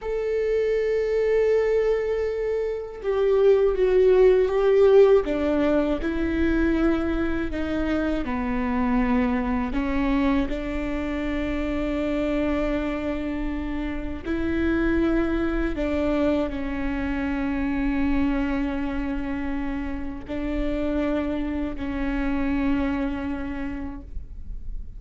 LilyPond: \new Staff \with { instrumentName = "viola" } { \time 4/4 \tempo 4 = 80 a'1 | g'4 fis'4 g'4 d'4 | e'2 dis'4 b4~ | b4 cis'4 d'2~ |
d'2. e'4~ | e'4 d'4 cis'2~ | cis'2. d'4~ | d'4 cis'2. | }